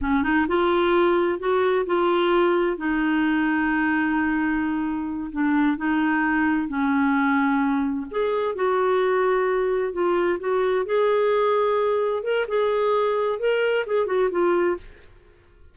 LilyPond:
\new Staff \with { instrumentName = "clarinet" } { \time 4/4 \tempo 4 = 130 cis'8 dis'8 f'2 fis'4 | f'2 dis'2~ | dis'2.~ dis'8 d'8~ | d'8 dis'2 cis'4.~ |
cis'4. gis'4 fis'4.~ | fis'4. f'4 fis'4 gis'8~ | gis'2~ gis'8 ais'8 gis'4~ | gis'4 ais'4 gis'8 fis'8 f'4 | }